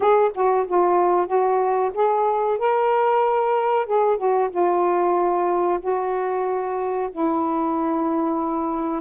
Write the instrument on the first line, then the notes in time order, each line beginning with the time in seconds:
saxophone
0.00 G#4
0.34 F#4
0.67 F4
1.26 F#4
1.94 G#4
2.58 A#4
3.86 G#4
4.17 F#4
4.50 F4
5.80 F#4
7.11 E4